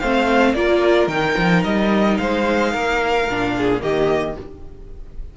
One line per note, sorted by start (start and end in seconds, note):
0.00 0.54 A3
0.00 0.56 C4
0.00 0.56 C5
0.00 0.54 F5
0.54 1.08 A#3
0.54 1.10 F4
0.54 2.20 A#4
0.54 1.08 D5
1.08 1.35 D#3
1.08 3.28 D#4
1.08 1.63 G5
1.37 1.64 F3
1.64 2.19 G3
1.64 2.18 D#5
2.18 2.74 G#3
2.18 2.72 C5
2.18 3.81 F5
2.72 3.29 A#3
2.72 3.53 A#4
3.29 3.82 A#2
3.29 3.80 D4
3.57 3.83 G#4
3.80 4.36 D#3
3.80 4.35 A#3
3.80 4.37 G4
3.80 4.37 D#5